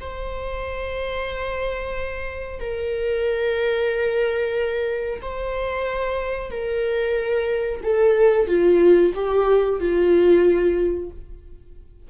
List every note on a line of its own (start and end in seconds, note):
0.00 2.60 C5
2.60 5.21 A#4
5.22 6.51 C5
6.51 7.81 A#4
7.83 8.47 A4
8.47 9.12 F4
9.15 9.80 G4
9.80 11.10 F4